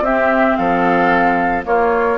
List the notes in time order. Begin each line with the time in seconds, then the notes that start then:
0.00 C4 G4 E5
0.56 F3 A4 F5
1.63 A#3 F4 C#5